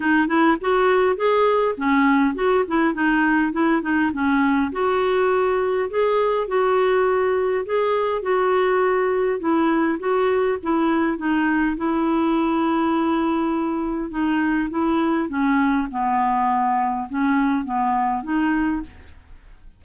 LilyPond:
\new Staff \with { instrumentName = "clarinet" } { \time 4/4 \tempo 4 = 102 dis'8 e'8 fis'4 gis'4 cis'4 | fis'8 e'8 dis'4 e'8 dis'8 cis'4 | fis'2 gis'4 fis'4~ | fis'4 gis'4 fis'2 |
e'4 fis'4 e'4 dis'4 | e'1 | dis'4 e'4 cis'4 b4~ | b4 cis'4 b4 dis'4 | }